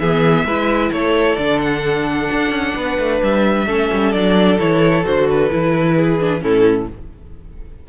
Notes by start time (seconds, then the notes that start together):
0.00 E3 B3 G#4 E5
0.45 G#3 E4 B4
0.92 A3 A4 C#5
1.37 D3 D4 D5
1.62 F#5
2.32 D4
2.50 C#4
2.76 B3 B4
2.99 A3
3.22 G3 E5
3.67 A3 C#4 A4
3.93 G3
4.13 F#3 D4 D5
4.59 E3 E4 C#5
5.04 D3 F#4 C5
5.31 B4
5.50 E3 E4
5.95 G#4
6.20 D4
6.41 A2 C#4 E4 A4